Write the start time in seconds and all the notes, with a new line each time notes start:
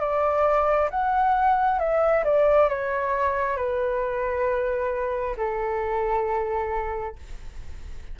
0.00 D5
0.90 F#5
1.80 E5
2.24 D5
2.69 C#5
3.57 B4
5.37 A4